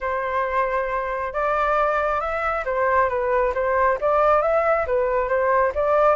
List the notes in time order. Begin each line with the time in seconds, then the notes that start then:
0.00 C5
1.33 D5
2.20 E5
2.65 C5
3.09 B4
3.54 C5
4.00 D5
4.41 E5
4.86 B4
5.28 C5
5.75 D5